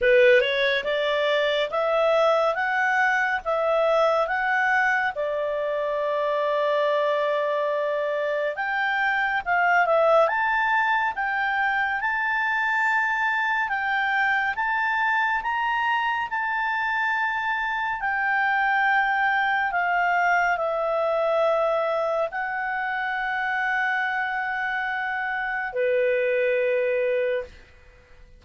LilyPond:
\new Staff \with { instrumentName = "clarinet" } { \time 4/4 \tempo 4 = 70 b'8 cis''8 d''4 e''4 fis''4 | e''4 fis''4 d''2~ | d''2 g''4 f''8 e''8 | a''4 g''4 a''2 |
g''4 a''4 ais''4 a''4~ | a''4 g''2 f''4 | e''2 fis''2~ | fis''2 b'2 | }